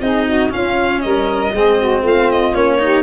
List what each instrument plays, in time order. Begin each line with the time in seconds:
0.00 tuba C4, cello D#4, saxophone G#4, violin D#5
0.27 saxophone F#4
0.49 cello C#4, tuba C#4, saxophone F4, violin F5
1.01 tuba G3, saxophone A#4, violin D#5
1.52 tuba G#3, cello C4, saxophone G#4
1.78 saxophone F#4
2.00 tuba A3, saxophone F4
2.07 violin F5
2.30 violin D#5
2.54 tuba A#3, cello C#4, violin C#5
2.79 cello D#4, saxophone G4